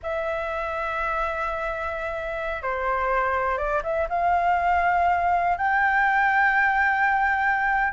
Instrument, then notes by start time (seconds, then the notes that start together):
flute
0.02 E5
2.62 C5
3.57 D5
3.83 E5
4.09 F5
5.57 G5